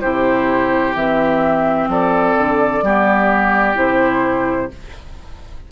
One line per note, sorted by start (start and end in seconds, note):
0.00 0.95 C3
0.00 0.95 E4
0.00 1.89 G4
0.00 0.94 C5
0.95 1.88 E3
0.95 2.82 C4
0.95 1.89 E5
1.88 2.35 F3
1.88 2.84 A4
1.88 3.77 D5
2.37 2.82 D3
2.82 3.75 G3
2.82 3.74 B3
2.82 4.71 G4
3.74 4.69 C3
3.74 4.68 E4
3.74 4.71 C5